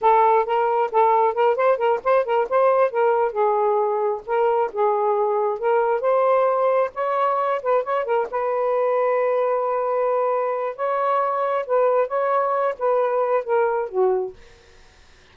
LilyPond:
\new Staff \with { instrumentName = "saxophone" } { \time 4/4 \tempo 4 = 134 a'4 ais'4 a'4 ais'8 c''8 | ais'8 c''8 ais'8 c''4 ais'4 gis'8~ | gis'4. ais'4 gis'4.~ | gis'8 ais'4 c''2 cis''8~ |
cis''4 b'8 cis''8 ais'8 b'4.~ | b'1 | cis''2 b'4 cis''4~ | cis''8 b'4. ais'4 fis'4 | }